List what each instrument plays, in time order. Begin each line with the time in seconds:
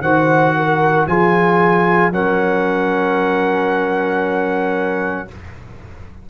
0.00 tuba D#3, trombone F#4, horn C5, trumpet F#5
0.57 horn A#4
1.07 tuba F3, trombone F4, horn G#4, trumpet G#5
2.12 tuba F#3, trombone C#4, horn A#4, trumpet F#5